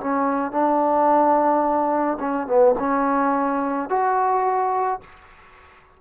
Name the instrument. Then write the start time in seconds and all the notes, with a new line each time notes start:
trombone
0.00 C#4
0.52 D4
2.20 C#4
2.47 B3
2.79 C#4
3.89 F#4